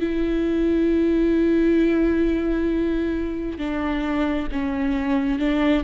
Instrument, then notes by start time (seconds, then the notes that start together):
viola
0.00 E4
3.58 D4
4.52 C#4
5.39 D4